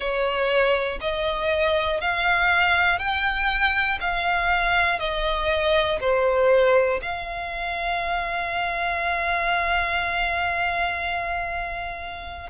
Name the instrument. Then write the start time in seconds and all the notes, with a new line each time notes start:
violin
0.00 C#5
1.00 D#5
2.00 F5
2.98 G5
4.00 F5
4.99 D#5
6.00 C5
7.02 F5